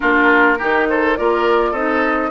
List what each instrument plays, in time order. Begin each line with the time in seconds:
0.00 bassoon A#3, clarinet D4, oboe F4, flute A#4
0.58 bassoon D#3, clarinet D#4, oboe G4
0.88 oboe A4, flute C5
1.16 bassoon A#3, clarinet F4, oboe A#4, flute D5
1.71 bassoon C4, clarinet D#4, oboe A4, flute D#5